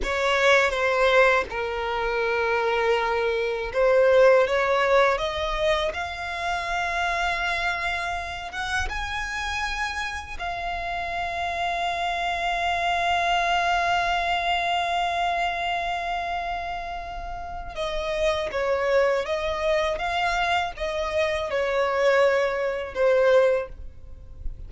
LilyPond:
\new Staff \with { instrumentName = "violin" } { \time 4/4 \tempo 4 = 81 cis''4 c''4 ais'2~ | ais'4 c''4 cis''4 dis''4 | f''2.~ f''8 fis''8 | gis''2 f''2~ |
f''1~ | f''1 | dis''4 cis''4 dis''4 f''4 | dis''4 cis''2 c''4 | }